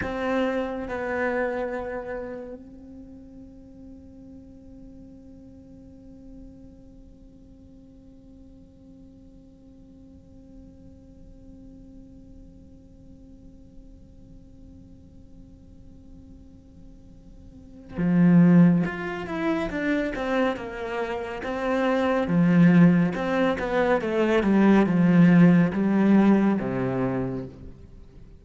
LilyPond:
\new Staff \with { instrumentName = "cello" } { \time 4/4 \tempo 4 = 70 c'4 b2 c'4~ | c'1~ | c'1~ | c'1~ |
c'1~ | c'4 f4 f'8 e'8 d'8 c'8 | ais4 c'4 f4 c'8 b8 | a8 g8 f4 g4 c4 | }